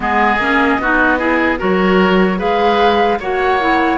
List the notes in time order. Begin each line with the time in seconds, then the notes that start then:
0.00 G#3 B3 G#4 D#5
0.38 A#3 C#4
0.79 B3 D#4 F#4
1.18 E4 G#4
1.58 F#3 F#4 A#4 C#5
2.37 G#3 G#4 B4 F5
3.19 A#3 F#4 C#5 F#5
3.59 E4